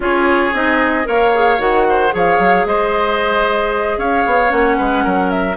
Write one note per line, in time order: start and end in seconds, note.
0.00 0.53 C#4
0.00 0.52 F4
0.00 1.07 G#4
0.00 0.54 C#5
0.53 1.06 C4
0.53 1.04 D#4
0.53 1.07 D#5
1.04 1.58 A#3
1.04 1.31 A#4
1.04 1.87 C#5
1.04 1.60 F5
1.33 1.58 G#4
1.58 2.12 D#3
1.58 2.10 F#4
1.58 2.13 F#5
1.88 2.14 C5
2.10 2.38 F3
2.10 4.48 G#4
2.10 2.67 C#5
2.17 2.66 F5
2.38 2.65 F#3
2.65 3.97 G#3
2.65 3.98 C5
2.65 3.98 D#5
3.97 4.24 C#4
3.97 4.77 C#5
3.97 4.51 F5
4.26 4.51 B3
4.48 4.78 A#3
4.48 5.54 C#4
4.48 5.30 F#5
4.77 5.05 G#3
4.77 5.04 B4
5.04 5.56 F#3
5.04 5.56 A#4
5.30 5.56 E5